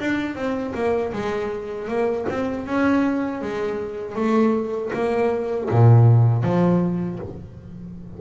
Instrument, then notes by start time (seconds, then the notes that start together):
double bass
0.00 D4
0.36 C4
0.75 A#3
1.13 G#3
1.88 A#3
2.30 C4
2.67 C#4
3.42 G#3
4.15 A3
4.93 A#3
5.71 A#2
6.43 F3